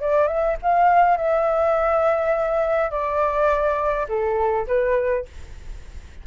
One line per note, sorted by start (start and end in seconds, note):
0.00 0.27 D5
0.27 0.56 E5
0.62 1.17 F5
1.17 2.90 E5
2.90 4.07 D5
4.08 4.66 A4
4.67 5.25 B4